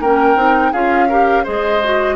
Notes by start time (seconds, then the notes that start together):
0.00 A#3 C#4 A#4 G5
0.36 C4 D#4
0.72 C#4 F4 G#4 F5
1.09 G4 A#4
1.44 G#3 G#4 C5 D#5
1.84 F#4